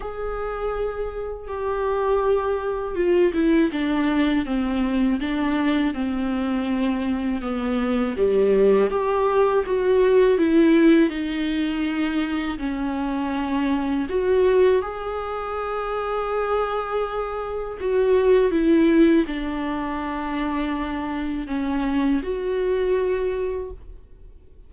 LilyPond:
\new Staff \with { instrumentName = "viola" } { \time 4/4 \tempo 4 = 81 gis'2 g'2 | f'8 e'8 d'4 c'4 d'4 | c'2 b4 g4 | g'4 fis'4 e'4 dis'4~ |
dis'4 cis'2 fis'4 | gis'1 | fis'4 e'4 d'2~ | d'4 cis'4 fis'2 | }